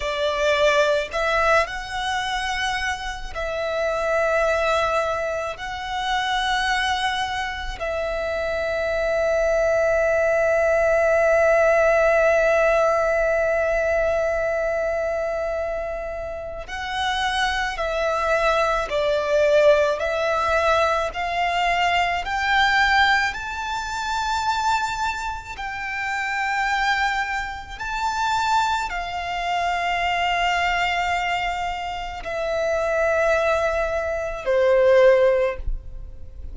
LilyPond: \new Staff \with { instrumentName = "violin" } { \time 4/4 \tempo 4 = 54 d''4 e''8 fis''4. e''4~ | e''4 fis''2 e''4~ | e''1~ | e''2. fis''4 |
e''4 d''4 e''4 f''4 | g''4 a''2 g''4~ | g''4 a''4 f''2~ | f''4 e''2 c''4 | }